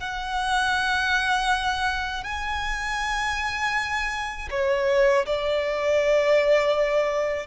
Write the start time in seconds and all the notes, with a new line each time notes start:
0.00 F#5
2.24 G#5
4.50 C#5
5.26 D5